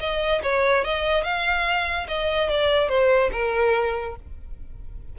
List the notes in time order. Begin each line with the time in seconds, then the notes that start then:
0.00 D#5
0.43 C#5
0.84 D#5
1.23 F5
2.08 D#5
2.50 D5
2.88 C5
3.32 A#4